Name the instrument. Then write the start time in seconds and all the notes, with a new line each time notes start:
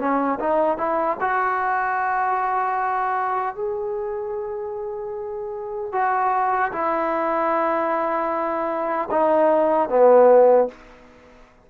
trombone
0.00 C#4
0.40 D#4
0.78 E4
1.21 F#4
3.56 G#4
5.93 F#4
6.72 E4
9.11 D#4
9.90 B3